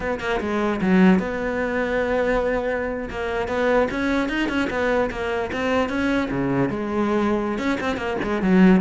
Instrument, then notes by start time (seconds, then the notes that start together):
cello
0.00 B3
0.20 A#3
0.40 G#3
0.81 F#3
1.19 B3
3.10 A#3
3.48 B3
3.90 C#4
4.29 D#4
4.49 C#4
4.70 B3
5.11 A#3
5.52 C4
5.89 C#4
6.30 C#3
6.69 G#3
7.58 C#4
7.80 C4
7.97 A#3
8.23 G#3
8.41 F#3